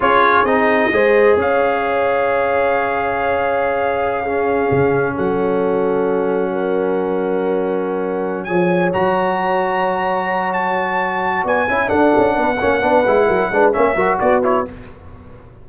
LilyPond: <<
  \new Staff \with { instrumentName = "trumpet" } { \time 4/4 \tempo 4 = 131 cis''4 dis''2 f''4~ | f''1~ | f''2.~ f''16 fis''8.~ | fis''1~ |
fis''2~ fis''8 gis''4 ais''8~ | ais''2. a''4~ | a''4 gis''4 fis''2~ | fis''2 e''4 d''8 cis''8 | }
  \new Staff \with { instrumentName = "horn" } { \time 4/4 gis'2 c''4 cis''4~ | cis''1~ | cis''4~ cis''16 gis'2 a'8.~ | a'2~ a'16 ais'4.~ ais'16~ |
ais'2~ ais'8 cis''4.~ | cis''1~ | cis''4 d''8 e''8 a'4 b'8 cis''8 | b'4 ais'8 b'8 cis''8 ais'8 fis'4 | }
  \new Staff \with { instrumentName = "trombone" } { \time 4/4 f'4 dis'4 gis'2~ | gis'1~ | gis'4~ gis'16 cis'2~ cis'8.~ | cis'1~ |
cis'2~ cis'8 gis'4 fis'8~ | fis'1~ | fis'4. e'8 d'4. cis'8 | d'8 e'4 d'8 cis'8 fis'4 e'8 | }
  \new Staff \with { instrumentName = "tuba" } { \time 4/4 cis'4 c'4 gis4 cis'4~ | cis'1~ | cis'2~ cis'16 cis4 fis8.~ | fis1~ |
fis2~ fis8 f4 fis8~ | fis1~ | fis4 b8 cis'8 d'8 cis'8 b8 ais8 | b8 gis8 fis8 gis8 ais8 fis8 b4 | }
>>